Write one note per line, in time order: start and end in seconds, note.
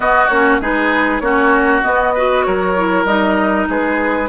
0.00 0.26 B3
0.00 0.29 B3
0.00 0.61 F#4
0.00 0.27 D#5
0.27 0.60 A#3
0.27 0.61 C#4
0.27 0.58 C#5
0.60 1.20 G#3
0.60 1.22 D#4
0.60 1.22 G#4
0.60 1.20 B4
1.20 1.81 A#3
1.20 1.83 C#4
1.20 2.14 F#4
1.20 1.81 C#5
1.82 2.13 B3
1.82 2.46 B3
1.82 2.43 D#5
2.14 2.76 F#4
2.14 2.45 B4
2.43 3.04 F#3
2.43 3.68 A#4
2.43 3.04 C#5
2.76 3.07 E4
3.04 3.66 G3
3.04 4.28 D#4
3.04 3.66 D#5
3.68 4.28 G#3
3.68 4.28 G#4
3.68 4.28 B4